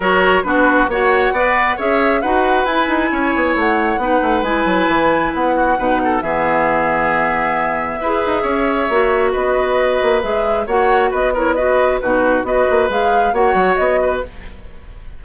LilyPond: <<
  \new Staff \with { instrumentName = "flute" } { \time 4/4 \tempo 4 = 135 cis''4 b'4 fis''2 | e''4 fis''4 gis''2 | fis''2 gis''2 | fis''2 e''2~ |
e''1~ | e''4 dis''2 e''4 | fis''4 dis''8 cis''8 dis''4 b'4 | dis''4 f''4 fis''4 dis''4 | }
  \new Staff \with { instrumentName = "oboe" } { \time 4/4 ais'4 fis'4 cis''4 d''4 | cis''4 b'2 cis''4~ | cis''4 b'2.~ | b'8 fis'8 b'8 a'8 gis'2~ |
gis'2 b'4 cis''4~ | cis''4 b'2. | cis''4 b'8 ais'8 b'4 fis'4 | b'2 cis''4. b'8 | }
  \new Staff \with { instrumentName = "clarinet" } { \time 4/4 fis'4 d'4 fis'4 b'4 | gis'4 fis'4 e'2~ | e'4 dis'4 e'2~ | e'4 dis'4 b2~ |
b2 gis'2 | fis'2. gis'4 | fis'4. e'8 fis'4 dis'4 | fis'4 gis'4 fis'2 | }
  \new Staff \with { instrumentName = "bassoon" } { \time 4/4 fis4 b4 ais4 b4 | cis'4 dis'4 e'8 dis'8 cis'8 b8 | a4 b8 a8 gis8 fis8 e4 | b4 b,4 e2~ |
e2 e'8 dis'8 cis'4 | ais4 b4. ais8 gis4 | ais4 b2 b,4 | b8 ais8 gis4 ais8 fis8 b4 | }
>>